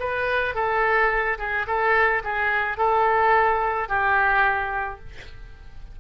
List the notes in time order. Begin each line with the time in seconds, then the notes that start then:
0.00 B4
0.55 A4
1.39 G#4
1.67 A4
2.24 G#4
2.78 A4
3.89 G4